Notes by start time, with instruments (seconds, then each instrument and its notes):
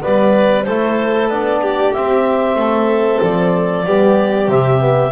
0.00 double bass G3, trombone B3, violin B4, clarinet D5
0.63 double bass A3, trombone E4, violin A4, clarinet C5
1.28 double bass B3, trombone D4, clarinet D5
1.61 violin G4
1.93 trombone C4, double bass C4, clarinet E5
2.55 double bass A3, violin A4
3.22 double bass F3, clarinet D5
3.84 double bass G3, trombone B3, violin G4
4.46 double bass C3, trombone C4, clarinet E5
4.78 trombone B3